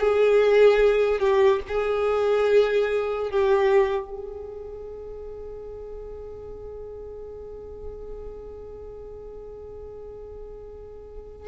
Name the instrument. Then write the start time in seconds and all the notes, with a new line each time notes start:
violin
0.00 G#4
1.20 G4
1.68 G#4
3.31 G4
4.10 G#4